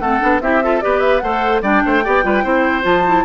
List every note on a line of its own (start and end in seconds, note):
0.00 0.20 A3
0.00 0.20 C4
0.00 0.42 A4
0.00 0.41 F#5
0.20 0.41 B3
0.20 0.41 D4
0.41 0.82 C4
0.41 0.63 E4
0.41 0.64 G4
0.41 0.81 E5
0.64 0.82 F4
0.64 0.84 A4
0.81 1.22 B3
0.81 1.22 G4
0.81 1.24 B4
0.81 1.00 D5
1.00 1.19 E5
1.19 1.62 A3
1.19 1.63 A4
1.19 1.63 C5
1.19 1.60 F#5
1.62 1.82 G3
1.62 2.03 D4
1.62 1.83 D5
1.62 2.85 G5
1.86 2.06 A3
1.86 2.04 C5
2.04 2.24 B3
2.04 2.23 G4
2.04 2.25 D5
2.23 2.44 G3
2.23 2.43 F4
2.23 2.44 B4
2.43 2.85 C4
2.43 2.83 E4
2.43 3.25 C5
2.83 3.25 F3
2.83 3.03 F4
2.83 3.25 A5
3.07 3.25 E4